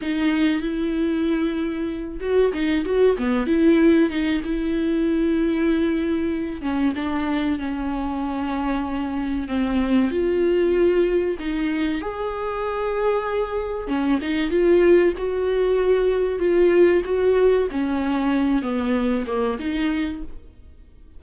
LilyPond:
\new Staff \with { instrumentName = "viola" } { \time 4/4 \tempo 4 = 95 dis'4 e'2~ e'8 fis'8 | dis'8 fis'8 b8 e'4 dis'8 e'4~ | e'2~ e'8 cis'8 d'4 | cis'2. c'4 |
f'2 dis'4 gis'4~ | gis'2 cis'8 dis'8 f'4 | fis'2 f'4 fis'4 | cis'4. b4 ais8 dis'4 | }